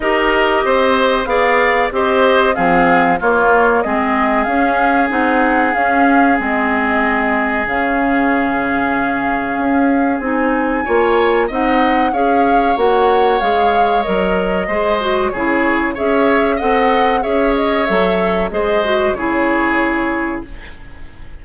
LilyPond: <<
  \new Staff \with { instrumentName = "flute" } { \time 4/4 \tempo 4 = 94 dis''2 f''4 dis''4 | f''4 cis''4 dis''4 f''4 | fis''4 f''4 dis''2 | f''1 |
gis''2 fis''4 f''4 | fis''4 f''4 dis''2 | cis''4 e''4 fis''4 e''8 dis''8 | e''4 dis''4 cis''2 | }
  \new Staff \with { instrumentName = "oboe" } { \time 4/4 ais'4 c''4 d''4 c''4 | gis'4 f'4 gis'2~ | gis'1~ | gis'1~ |
gis'4 cis''4 dis''4 cis''4~ | cis''2. c''4 | gis'4 cis''4 dis''4 cis''4~ | cis''4 c''4 gis'2 | }
  \new Staff \with { instrumentName = "clarinet" } { \time 4/4 g'2 gis'4 g'4 | c'4 ais4 c'4 cis'4 | dis'4 cis'4 c'2 | cis'1 |
dis'4 f'4 dis'4 gis'4 | fis'4 gis'4 ais'4 gis'8 fis'8 | e'4 gis'4 a'4 gis'4 | a'4 gis'8 fis'8 e'2 | }
  \new Staff \with { instrumentName = "bassoon" } { \time 4/4 dis'4 c'4 b4 c'4 | f4 ais4 gis4 cis'4 | c'4 cis'4 gis2 | cis2. cis'4 |
c'4 ais4 c'4 cis'4 | ais4 gis4 fis4 gis4 | cis4 cis'4 c'4 cis'4 | fis4 gis4 cis2 | }
>>